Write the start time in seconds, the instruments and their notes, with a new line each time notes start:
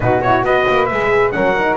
0.00 double bass B2, horn D#4, flute F#4, trumpet B4
0.21 horn E4, trumpet C#5
0.43 double bass B3, horn F#4, flute B4, trumpet D#5
0.68 double bass A#3
0.86 double bass G#3, horn G#4, trumpet E5
1.31 double bass F#3, horn C#4, flute A#4, trumpet F#5
1.57 horn D#4